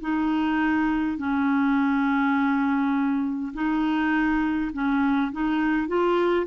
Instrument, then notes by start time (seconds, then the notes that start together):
clarinet
0.00 D#4
1.17 C#4
3.53 D#4
4.73 C#4
5.32 D#4
5.87 F4